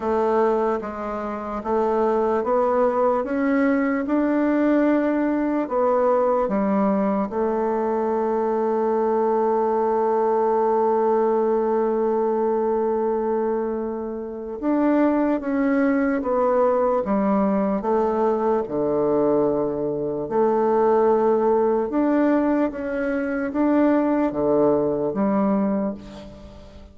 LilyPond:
\new Staff \with { instrumentName = "bassoon" } { \time 4/4 \tempo 4 = 74 a4 gis4 a4 b4 | cis'4 d'2 b4 | g4 a2.~ | a1~ |
a2 d'4 cis'4 | b4 g4 a4 d4~ | d4 a2 d'4 | cis'4 d'4 d4 g4 | }